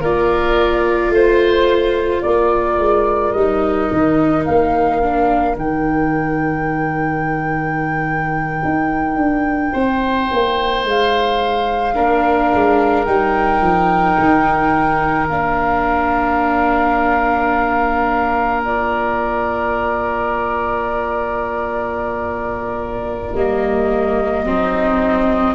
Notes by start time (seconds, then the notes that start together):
0.00 A#3 F4 A#4 D5
1.10 A3 C5
2.22 A#3 A#4 D5
2.78 G#3
3.33 G3 D#4 D#5
3.92 D#3
4.46 A#3 F5
5.02 D4
5.56 D#3 D#4 G5
8.65 D#4
9.16 D4
9.73 C4 C5
10.32 A#3
10.85 G#3 F5
11.95 A#3 D4 A#4
12.54 G#3
13.05 G3 D#4 G5
13.61 F3
14.19 D#3
15.29 A#3 D4 F5
18.64 F4 D5
23.35 G3 A#3 D#5
24.45 F#3 C4 D#4